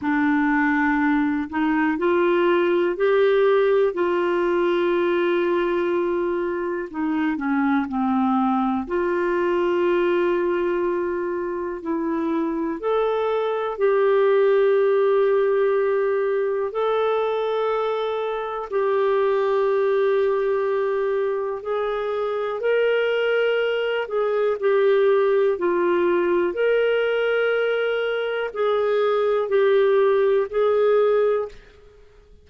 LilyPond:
\new Staff \with { instrumentName = "clarinet" } { \time 4/4 \tempo 4 = 61 d'4. dis'8 f'4 g'4 | f'2. dis'8 cis'8 | c'4 f'2. | e'4 a'4 g'2~ |
g'4 a'2 g'4~ | g'2 gis'4 ais'4~ | ais'8 gis'8 g'4 f'4 ais'4~ | ais'4 gis'4 g'4 gis'4 | }